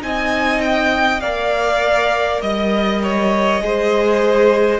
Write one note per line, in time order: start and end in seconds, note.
0.00 1.22 C4
0.00 1.20 D#4
0.00 1.22 D#5
0.00 0.61 G#5
0.61 1.20 G5
1.20 2.42 A#3
1.20 3.62 A#4
1.20 2.42 D5
1.20 2.40 F5
2.42 3.60 G3
2.42 3.02 D#5
2.42 4.79 D#5
3.03 3.63 C#5
3.60 4.79 G#3
3.60 4.79 G#4
3.60 4.79 C5